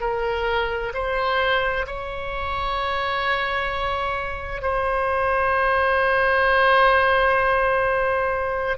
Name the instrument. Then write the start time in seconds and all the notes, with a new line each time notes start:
oboe
0.00 A#4
0.94 C5
1.87 C#5
4.62 C5